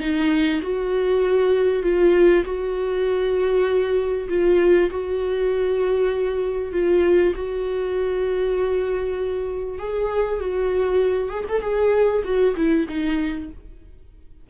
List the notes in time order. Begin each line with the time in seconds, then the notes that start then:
0.00 D#4
0.62 F#4
1.83 F4
2.45 F#4
4.29 F4
4.90 F#4
6.72 F4
7.35 F#4
9.78 G#4
10.40 F#4
11.29 G#4
11.49 A4
11.61 G#4
12.24 F#4
12.56 E4
12.88 D#4